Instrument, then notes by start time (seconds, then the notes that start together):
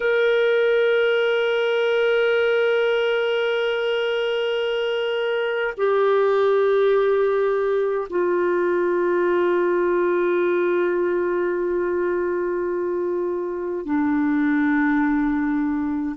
clarinet
0.00 A#4
5.77 G4
8.09 F4
13.85 D4